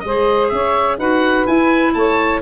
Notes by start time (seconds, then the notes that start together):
0.00 G#3 C5 D#5
0.07 G#4
0.49 C#4 C#5 E5
0.98 D#4 F#4 B4 F#5
1.47 E4 G#5
1.94 A3 C#5 A5